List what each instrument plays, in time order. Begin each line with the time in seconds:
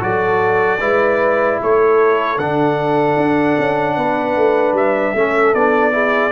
0.00 tuba F#3, trombone F#4, horn A4, trumpet D5
0.80 tuba G#3, trombone E4, horn B4
1.62 tuba A3, horn A4, trumpet C#5
2.37 tuba D3, trombone D4, trumpet F#5
3.17 tuba D4
3.59 tuba C#4
3.96 tuba B3, horn B4
4.36 tuba A3
4.73 tuba G3, trumpet E5
5.14 tuba A3, trombone C#4, horn A4
5.54 tuba B3, trombone D4, trumpet D5
5.92 trombone E4, horn G#4